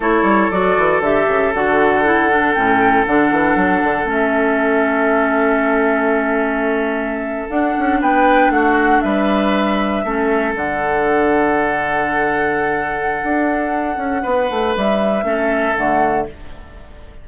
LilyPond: <<
  \new Staff \with { instrumentName = "flute" } { \time 4/4 \tempo 4 = 118 cis''4 d''4 e''4 fis''4~ | fis''4 g''4 fis''2 | e''1~ | e''2~ e''8. fis''4 g''16~ |
g''8. fis''4 e''2~ e''16~ | e''8. fis''2.~ fis''16~ | fis''1~ | fis''4 e''2 fis''4 | }
  \new Staff \with { instrumentName = "oboe" } { \time 4/4 a'1~ | a'1~ | a'1~ | a'2.~ a'8. b'16~ |
b'8. fis'4 b'2 a'16~ | a'1~ | a'1 | b'2 a'2 | }
  \new Staff \with { instrumentName = "clarinet" } { \time 4/4 e'4 fis'4 g'4 fis'4 | e'8 d'8 cis'4 d'2 | cis'1~ | cis'2~ cis'8. d'4~ d'16~ |
d'2.~ d'8. cis'16~ | cis'8. d'2.~ d'16~ | d'1~ | d'2 cis'4 a4 | }
  \new Staff \with { instrumentName = "bassoon" } { \time 4/4 a8 g8 fis8 e8 d8 cis8 d4~ | d4 a,4 d8 e8 fis8 d8 | a1~ | a2~ a8. d'8 cis'8 b16~ |
b8. a4 g2 a16~ | a8. d2.~ d16~ | d2 d'4. cis'8 | b8 a8 g4 a4 d4 | }
>>